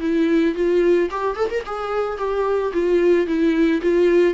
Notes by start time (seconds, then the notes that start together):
0.00 E4
0.55 F4
1.10 G4
1.36 A4
1.50 A#4
1.65 G#4
2.17 G4
2.73 F4
3.27 E4
3.81 F4